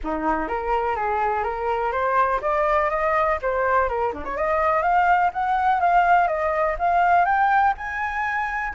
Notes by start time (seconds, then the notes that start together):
0.03 D#4
0.48 A#4
0.95 G#4
1.43 A#4
1.92 C5
2.41 D5
2.89 D#5
3.41 C5
3.88 A#4
4.13 D4
4.25 C#5
4.36 D#5
4.82 F5
5.33 F#5
5.80 F5
6.27 D#5
6.79 F5
7.25 G5
7.77 G#5